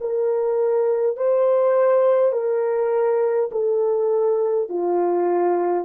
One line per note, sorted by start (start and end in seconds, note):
0.00 1.16 A#4
1.16 2.32 C5
2.32 3.50 A#4
3.51 4.68 A4
4.68 5.84 F4